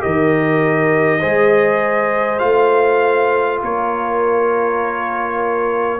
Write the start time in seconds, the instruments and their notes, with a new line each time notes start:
0.00 tuba D#3, trombone G4, horn A#4, trumpet D#5
1.20 tuba G#3, trombone G#4, horn C5
2.39 tuba A3, trombone F4, trumpet F5
3.62 tuba A#3, horn A#4, trumpet C#5